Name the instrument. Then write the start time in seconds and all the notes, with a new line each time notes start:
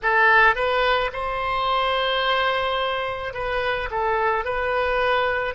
oboe
0.02 A4
0.55 B4
1.12 C5
3.33 B4
3.90 A4
4.44 B4